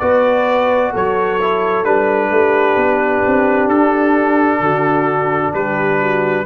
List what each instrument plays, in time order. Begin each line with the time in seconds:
0.00 tuba B3, trombone F#4, horn B4, trumpet D5
0.93 tuba F#3, horn A4, trumpet C#5
1.42 trombone E4
1.85 tuba G3, trombone D4, trumpet B4
2.31 tuba A3, horn G4
2.77 tuba B3
3.27 tuba C4
3.68 tuba D4, trumpet A4
4.60 tuba D3, horn F#4
5.54 tuba G3, horn G4, trumpet B4
6.00 horn F#4